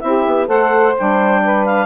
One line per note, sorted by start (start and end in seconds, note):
0.00 0.26 C4
0.00 0.46 E4
0.00 0.47 G4
0.00 0.47 E5
0.26 0.47 B3
0.46 0.95 A3
0.46 0.93 A4
0.46 1.42 C5
0.46 0.95 F#5
0.98 1.86 G3
0.98 1.86 D4
0.98 1.65 G5
1.44 1.86 B4
1.65 1.86 F5